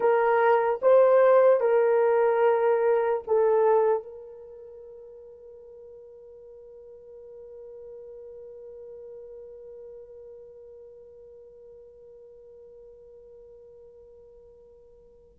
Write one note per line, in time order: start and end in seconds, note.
0.00 0.80 A#4
0.82 1.60 C5
1.60 3.22 A#4
3.27 4.02 A4
4.02 15.38 A#4